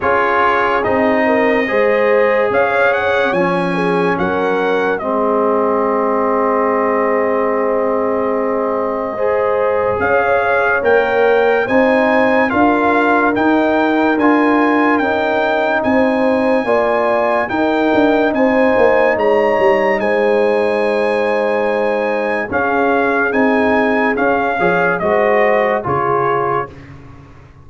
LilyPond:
<<
  \new Staff \with { instrumentName = "trumpet" } { \time 4/4 \tempo 4 = 72 cis''4 dis''2 f''8 fis''8 | gis''4 fis''4 dis''2~ | dis''1 | f''4 g''4 gis''4 f''4 |
g''4 gis''4 g''4 gis''4~ | gis''4 g''4 gis''4 ais''4 | gis''2. f''4 | gis''4 f''4 dis''4 cis''4 | }
  \new Staff \with { instrumentName = "horn" } { \time 4/4 gis'4. ais'8 c''4 cis''4~ | cis''8 gis'8 ais'4 gis'2~ | gis'2. c''4 | cis''2 c''4 ais'4~ |
ais'2. c''4 | d''4 ais'4 c''4 cis''4 | c''2. gis'4~ | gis'4. cis''8 c''4 gis'4 | }
  \new Staff \with { instrumentName = "trombone" } { \time 4/4 f'4 dis'4 gis'2 | cis'2 c'2~ | c'2. gis'4~ | gis'4 ais'4 dis'4 f'4 |
dis'4 f'4 dis'2 | f'4 dis'2.~ | dis'2. cis'4 | dis'4 cis'8 gis'8 fis'4 f'4 | }
  \new Staff \with { instrumentName = "tuba" } { \time 4/4 cis'4 c'4 gis4 cis'4 | f4 fis4 gis2~ | gis1 | cis'4 ais4 c'4 d'4 |
dis'4 d'4 cis'4 c'4 | ais4 dis'8 d'8 c'8 ais8 gis8 g8 | gis2. cis'4 | c'4 cis'8 f8 gis4 cis4 | }
>>